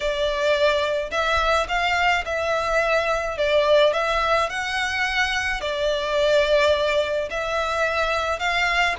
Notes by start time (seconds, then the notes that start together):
0.00 D5
1.10 E5
1.68 F5
2.25 E5
3.37 D5
3.93 E5
4.49 F#5
5.60 D5
7.30 E5
8.39 F5